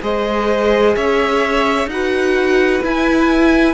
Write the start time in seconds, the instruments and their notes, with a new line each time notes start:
0.00 cello G#3, viola G#4, violin C5 D#5
0.95 cello C#4, violin C#5 E5
1.86 cello D#4, viola F#4, violin F#5
1.93 violin B4
2.82 viola E4, cello E4, violin G#5